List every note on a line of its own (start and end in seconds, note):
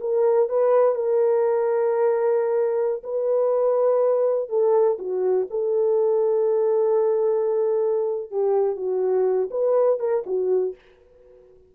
0.00 0.49 A#4
0.49 0.95 B4
0.95 3.02 A#4
3.03 4.49 B4
4.49 4.97 A4
4.98 5.47 F#4
5.50 8.31 A4
8.31 8.76 G4
8.76 9.49 F#4
9.50 9.99 B4
9.99 10.23 A#4
10.26 10.74 F#4